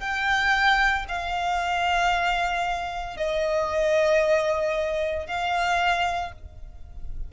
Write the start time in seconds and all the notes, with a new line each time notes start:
0.00 G5
1.09 F5
3.17 D#5
5.27 F5